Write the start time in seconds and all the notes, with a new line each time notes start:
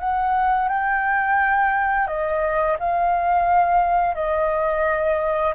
0.00 F#5
0.69 G5
2.07 D#5
2.79 F5
4.15 D#5